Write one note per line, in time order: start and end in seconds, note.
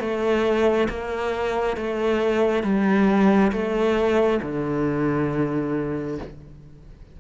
0.00 0.88 A3
0.89 1.77 A#3
1.77 2.64 A3
2.64 3.52 G3
3.52 4.40 A3
4.42 6.18 D3